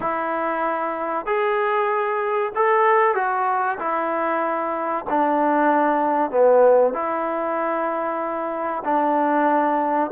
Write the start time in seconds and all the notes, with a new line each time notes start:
0.00 E4
1.26 G#4
2.55 A4
3.14 F#4
3.79 E4
5.09 D4
6.30 B3
6.93 E4
8.84 D4